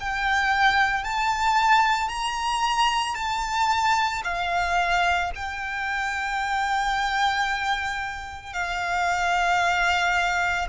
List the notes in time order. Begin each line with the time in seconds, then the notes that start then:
0.00 G5
1.04 A5
2.09 A#5
3.15 A5
4.24 F5
5.35 G5
8.53 F5